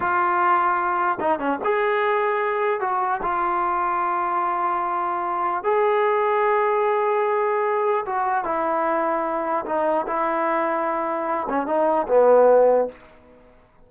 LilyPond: \new Staff \with { instrumentName = "trombone" } { \time 4/4 \tempo 4 = 149 f'2. dis'8 cis'8 | gis'2. fis'4 | f'1~ | f'2 gis'2~ |
gis'1 | fis'4 e'2. | dis'4 e'2.~ | e'8 cis'8 dis'4 b2 | }